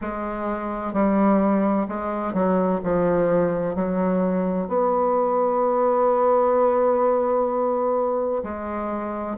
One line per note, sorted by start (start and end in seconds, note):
0.01 0.93 G#3
0.93 1.87 G3
1.87 2.33 G#3
2.33 2.80 F#3
2.83 3.75 F3
3.75 4.67 F#3
4.67 8.42 B3
8.43 9.37 G#3